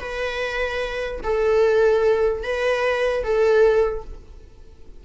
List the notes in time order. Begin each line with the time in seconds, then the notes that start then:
0.00 B4
1.23 A4
2.43 B4
3.23 A4